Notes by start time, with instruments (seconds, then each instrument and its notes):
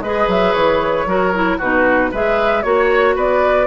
0.00 bassoon G#3, clarinet G#4, oboe B4, flute D#5
0.28 bassoon F#3, flute E5
0.53 bassoon E3, flute C#5
1.06 bassoon F#3, clarinet F#4, oboe A#4
1.34 clarinet E4
1.58 bassoon B2, clarinet D#4, oboe F#4, flute B4
2.12 bassoon G#3, clarinet G#4, oboe B4, flute E5
2.62 bassoon A#3, clarinet F#4, flute C#5, oboe C#5
3.16 bassoon B3, oboe B4, flute D5